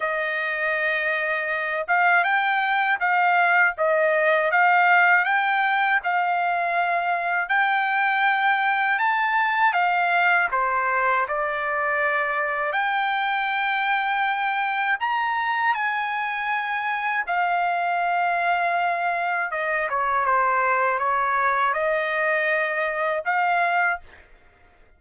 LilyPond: \new Staff \with { instrumentName = "trumpet" } { \time 4/4 \tempo 4 = 80 dis''2~ dis''8 f''8 g''4 | f''4 dis''4 f''4 g''4 | f''2 g''2 | a''4 f''4 c''4 d''4~ |
d''4 g''2. | ais''4 gis''2 f''4~ | f''2 dis''8 cis''8 c''4 | cis''4 dis''2 f''4 | }